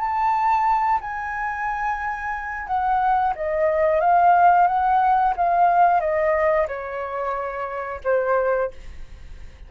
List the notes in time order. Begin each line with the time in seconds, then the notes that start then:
0.00 A5
1.01 G#5
2.68 F#5
3.36 D#5
4.01 F5
4.68 F#5
5.37 F5
6.01 D#5
6.68 C#5
8.05 C5